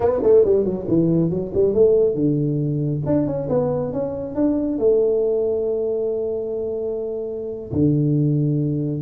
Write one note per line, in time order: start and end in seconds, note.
0.00 0.21 B3
0.23 0.44 A3
0.44 0.64 G3
0.64 0.86 F#3
0.88 1.30 E3
1.30 1.52 F#3
1.53 1.74 G3
1.74 2.14 A3
2.14 3.01 D3
3.06 3.26 D4
3.26 3.48 C#4
3.49 3.92 B3
3.92 4.35 C#4
4.35 4.78 D4
4.78 7.72 A3
7.72 9.01 D3